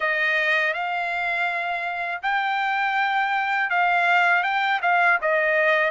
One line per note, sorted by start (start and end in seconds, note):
0.00 0.73 D#5
0.73 2.21 F5
2.22 3.70 G5
3.70 4.43 F5
4.43 4.80 G5
4.81 5.19 F5
5.21 5.91 D#5